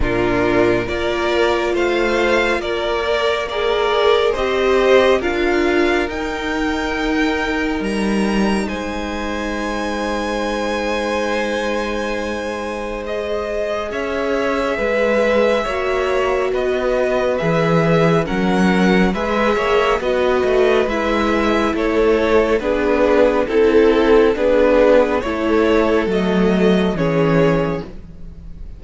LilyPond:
<<
  \new Staff \with { instrumentName = "violin" } { \time 4/4 \tempo 4 = 69 ais'4 d''4 f''4 d''4 | ais'4 dis''4 f''4 g''4~ | g''4 ais''4 gis''2~ | gis''2. dis''4 |
e''2. dis''4 | e''4 fis''4 e''4 dis''4 | e''4 cis''4 b'4 a'4 | b'4 cis''4 dis''4 cis''4 | }
  \new Staff \with { instrumentName = "violin" } { \time 4/4 f'4 ais'4 c''4 ais'4 | d''4 c''4 ais'2~ | ais'2 c''2~ | c''1 |
cis''4 b'4 cis''4 b'4~ | b'4 ais'4 b'8 cis''8 b'4~ | b'4 a'4 gis'4 a'4 | gis'4 a'2 gis'4 | }
  \new Staff \with { instrumentName = "viola" } { \time 4/4 d'4 f'2~ f'8 ais'8 | gis'4 g'4 f'4 dis'4~ | dis'1~ | dis'2. gis'4~ |
gis'2 fis'2 | gis'4 cis'4 gis'4 fis'4 | e'2 d'4 e'4 | d'4 e'4 a4 cis'4 | }
  \new Staff \with { instrumentName = "cello" } { \time 4/4 ais,4 ais4 a4 ais4~ | ais4 c'4 d'4 dis'4~ | dis'4 g4 gis2~ | gis1 |
cis'4 gis4 ais4 b4 | e4 fis4 gis8 ais8 b8 a8 | gis4 a4 b4 c'4 | b4 a4 fis4 e4 | }
>>